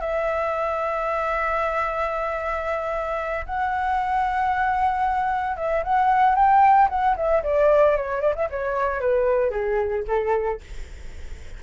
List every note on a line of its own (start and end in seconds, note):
0.00 3.45 E5
3.46 5.56 F#5
5.56 5.83 E5
5.83 6.35 F#5
6.35 6.88 G5
6.89 7.16 F#5
7.16 7.43 E5
7.43 7.96 D5
7.96 8.20 C#5
8.20 8.34 D5
8.35 8.49 E5
8.50 9.00 C#5
9.00 9.50 B4
9.50 10.03 G#4
10.07 10.60 A4